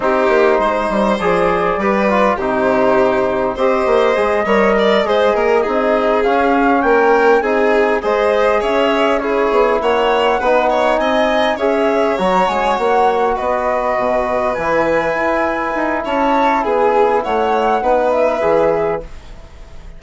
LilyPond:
<<
  \new Staff \with { instrumentName = "flute" } { \time 4/4 \tempo 4 = 101 c''2 d''2 | c''2 dis''2~ | dis''2~ dis''8 f''4 g''8~ | g''8 gis''4 dis''4 e''4 cis''8~ |
cis''8 fis''2 gis''4 e''8~ | e''8 ais''8 gis''8 fis''4 dis''4.~ | dis''8 gis''2~ gis''8 a''4 | gis''4 fis''4. e''4. | }
  \new Staff \with { instrumentName = "violin" } { \time 4/4 g'4 c''2 b'4 | g'2 c''4. cis''8 | d''8 c''8 ais'8 gis'2 ais'8~ | ais'8 gis'4 c''4 cis''4 gis'8~ |
gis'8 cis''4 b'8 cis''8 dis''4 cis''8~ | cis''2~ cis''8 b'4.~ | b'2. cis''4 | gis'4 cis''4 b'2 | }
  \new Staff \with { instrumentName = "trombone" } { \time 4/4 dis'2 gis'4 g'8 f'8 | dis'2 g'4 gis'8 ais'8~ | ais'8 gis'4 dis'4 cis'4.~ | cis'8 dis'4 gis'2 e'8~ |
e'4. dis'2 gis'8~ | gis'8 fis'2.~ fis'8~ | fis'8 e'2.~ e'8~ | e'2 dis'4 gis'4 | }
  \new Staff \with { instrumentName = "bassoon" } { \time 4/4 c'8 ais8 gis8 g8 f4 g4 | c2 c'8 ais8 gis8 g8~ | g8 gis8 ais8 c'4 cis'4 ais8~ | ais8 c'4 gis4 cis'4. |
b8 ais4 b4 c'4 cis'8~ | cis'8 fis8 gis8 ais4 b4 b,8~ | b,8 e4 e'4 dis'8 cis'4 | b4 a4 b4 e4 | }
>>